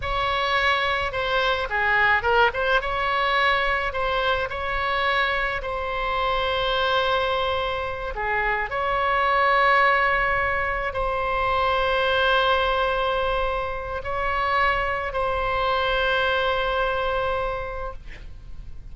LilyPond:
\new Staff \with { instrumentName = "oboe" } { \time 4/4 \tempo 4 = 107 cis''2 c''4 gis'4 | ais'8 c''8 cis''2 c''4 | cis''2 c''2~ | c''2~ c''8 gis'4 cis''8~ |
cis''2.~ cis''8 c''8~ | c''1~ | c''4 cis''2 c''4~ | c''1 | }